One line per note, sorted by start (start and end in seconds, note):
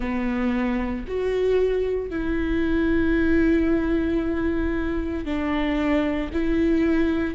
0.00 1.05 B3
1.07 2.10 F#4
2.10 5.25 E4
5.25 6.30 D4
6.32 7.34 E4